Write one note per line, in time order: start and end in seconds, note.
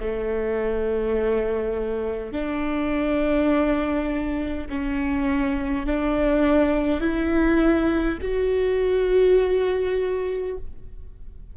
0.00 2.33 A3
2.33 4.68 D4
4.70 5.86 C#4
5.86 7.01 D4
7.01 8.18 E4
8.21 10.57 F#4